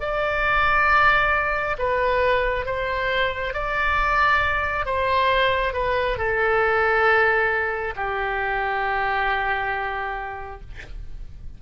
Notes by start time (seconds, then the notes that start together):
0.00 D5
1.78 B4
2.65 C5
3.53 D5
4.85 C5
5.73 B4
6.17 A4
7.96 G4